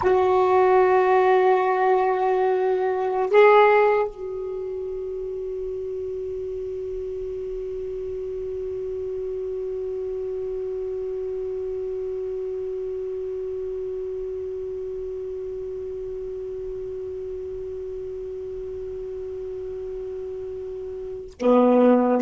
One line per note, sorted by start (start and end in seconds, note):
0.02 3.30 F#4
3.30 4.08 G#4
4.08 21.34 F#4
21.39 22.21 B3